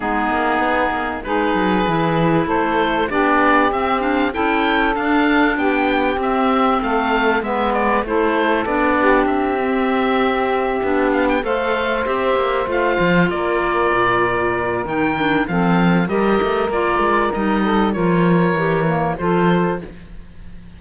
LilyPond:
<<
  \new Staff \with { instrumentName = "oboe" } { \time 4/4 \tempo 4 = 97 gis'2 b'2 | c''4 d''4 e''8 f''8 g''4 | f''4 g''4 e''4 f''4 | e''8 d''8 c''4 d''4 e''4~ |
e''2 f''16 g''16 f''4 e''8~ | e''8 f''4 d''2~ d''8 | g''4 f''4 dis''4 d''4 | dis''4 cis''2 c''4 | }
  \new Staff \with { instrumentName = "saxophone" } { \time 4/4 dis'2 gis'2 | a'4 g'2 a'4~ | a'4 g'2 a'4 | b'4 a'4. g'4.~ |
g'2~ g'8 c''4.~ | c''4. ais'2~ ais'8~ | ais'4 a'4 ais'2~ | ais'8 a'8 ais'2 a'4 | }
  \new Staff \with { instrumentName = "clarinet" } { \time 4/4 b2 dis'4 e'4~ | e'4 d'4 c'8 d'8 e'4 | d'2 c'2 | b4 e'4 d'4. c'8~ |
c'4. d'4 a'4 g'8~ | g'8 f'2.~ f'8 | dis'8 d'8 c'4 g'4 f'4 | dis'4 f'4 g'8 ais8 f'4 | }
  \new Staff \with { instrumentName = "cello" } { \time 4/4 gis8 ais8 b8 ais8 gis8 fis8 e4 | a4 b4 c'4 cis'4 | d'4 b4 c'4 a4 | gis4 a4 b4 c'4~ |
c'4. b4 a4 c'8 | ais8 a8 f8 ais4 ais,4. | dis4 f4 g8 a8 ais8 gis8 | g4 f4 e4 f4 | }
>>